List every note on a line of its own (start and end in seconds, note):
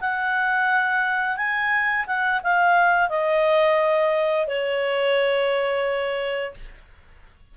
0.00 1.36 F#5
1.36 2.05 G#5
2.06 2.41 F#5
2.43 3.09 F5
3.09 4.47 D#5
4.47 6.54 C#5